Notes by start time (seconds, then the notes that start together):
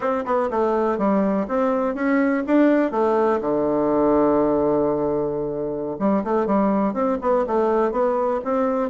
0.00 C4
0.25 B3
0.50 A3
0.98 G3
1.48 C4
1.94 C#4
2.46 D4
2.91 A3
3.40 D3
5.99 G3
6.23 A3
6.46 G3
6.93 C4
7.21 B3
7.47 A3
7.91 B3
8.44 C4